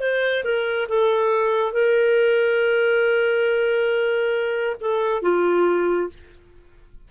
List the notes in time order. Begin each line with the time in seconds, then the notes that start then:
0.00 C5
0.44 A#4
0.88 A4
1.72 A#4
4.80 A4
5.22 F4